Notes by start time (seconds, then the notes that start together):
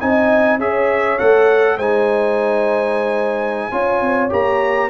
0.00 C4 D#4 D#5 G#5
0.59 C#4 G#4 C#5 E5
1.19 A3 A4 F#5
1.77 G#3 D#4 C5 G#5
3.71 C#4 F4 C#5
4.01 C4
4.30 A#3 G4 A#5